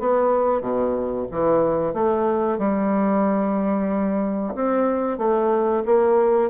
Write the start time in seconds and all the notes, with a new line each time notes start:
0.00 B3
0.62 B2
1.32 E3
1.94 A3
2.59 G3
4.55 C4
5.18 A3
5.86 A#3